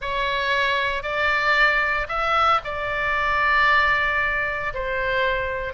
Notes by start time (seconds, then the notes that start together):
0.01 C#5
1.02 D5
2.08 E5
2.64 D5
4.73 C5